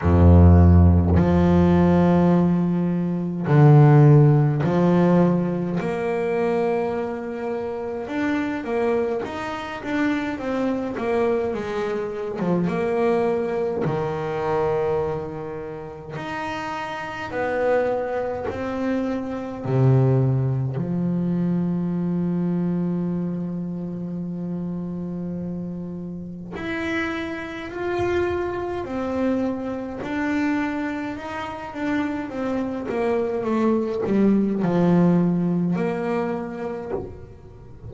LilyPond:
\new Staff \with { instrumentName = "double bass" } { \time 4/4 \tempo 4 = 52 f,4 f2 d4 | f4 ais2 d'8 ais8 | dis'8 d'8 c'8 ais8 gis8. f16 ais4 | dis2 dis'4 b4 |
c'4 c4 f2~ | f2. e'4 | f'4 c'4 d'4 dis'8 d'8 | c'8 ais8 a8 g8 f4 ais4 | }